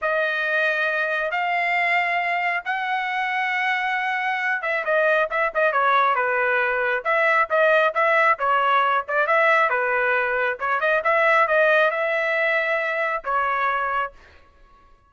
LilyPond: \new Staff \with { instrumentName = "trumpet" } { \time 4/4 \tempo 4 = 136 dis''2. f''4~ | f''2 fis''2~ | fis''2~ fis''8 e''8 dis''4 | e''8 dis''8 cis''4 b'2 |
e''4 dis''4 e''4 cis''4~ | cis''8 d''8 e''4 b'2 | cis''8 dis''8 e''4 dis''4 e''4~ | e''2 cis''2 | }